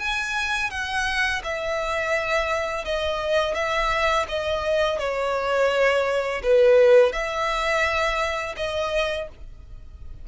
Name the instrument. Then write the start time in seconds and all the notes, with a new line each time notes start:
violin
0.00 G#5
0.71 F#5
1.44 E5
2.85 D#5
3.55 E5
4.29 D#5
4.99 C#5
6.43 B4
7.13 E5
8.57 D#5